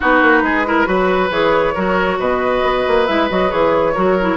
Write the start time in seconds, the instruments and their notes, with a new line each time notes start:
0.00 bassoon B3, clarinet D#4, oboe F#4, flute B4
0.22 bassoon A#3
0.42 bassoon G#3, oboe G#4
0.66 clarinet E4, oboe A#4
0.86 bassoon F#3, clarinet F#4, oboe B4
1.30 bassoon E3, clarinet G#4, flute C#5
1.74 bassoon F#3, clarinet F#4, oboe A#4
2.19 bassoon B2, oboe B4, flute D#5
2.62 bassoon B3
2.87 bassoon A#3
3.06 bassoon G#3, clarinet E4, flute E5
3.29 bassoon F#3, clarinet F#4, flute D#5
3.49 bassoon E3, clarinet G#4, flute C#5
3.94 bassoon F#3, clarinet F#4, oboe A#4
4.21 clarinet E4